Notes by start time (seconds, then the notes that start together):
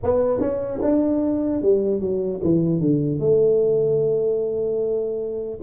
0.03 B3
0.40 C#4
0.82 D4
1.61 G3
2.00 F#3
2.43 E3
2.80 D3
3.19 A3